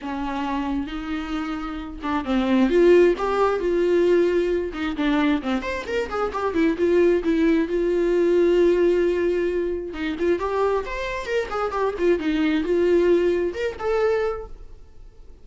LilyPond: \new Staff \with { instrumentName = "viola" } { \time 4/4 \tempo 4 = 133 cis'2 dis'2~ | dis'8 d'8 c'4 f'4 g'4 | f'2~ f'8 dis'8 d'4 | c'8 c''8 ais'8 gis'8 g'8 e'8 f'4 |
e'4 f'2.~ | f'2 dis'8 f'8 g'4 | c''4 ais'8 gis'8 g'8 f'8 dis'4 | f'2 ais'8 a'4. | }